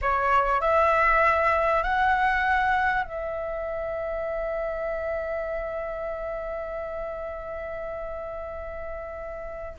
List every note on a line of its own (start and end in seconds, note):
0.01 0.60 C#5
0.60 1.83 E5
1.83 3.04 F#5
3.04 9.77 E5